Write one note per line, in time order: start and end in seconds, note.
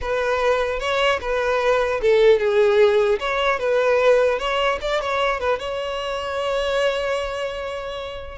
0.01 0.79 B4
0.79 1.19 C#5
1.21 2.01 B4
2.01 2.39 A4
2.39 3.19 G#4
3.19 3.59 C#5
3.59 4.38 B4
4.38 4.78 C#5
4.81 5.01 D5
5.01 5.39 C#5
5.39 5.59 B4
5.59 8.38 C#5